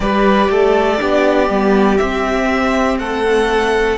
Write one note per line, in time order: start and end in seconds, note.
0.00 0.49 G3
0.00 0.99 G4
0.00 0.50 B4
0.00 1.97 D5
0.49 0.99 A3
0.49 1.00 A4
0.99 1.49 B3
0.99 1.49 D4
0.99 3.00 G4
1.49 1.99 G3
1.49 2.00 B3
1.97 3.97 C4
1.97 2.99 C4
1.97 2.97 E5
2.99 3.97 A3
2.99 3.97 A4
2.99 3.97 F#5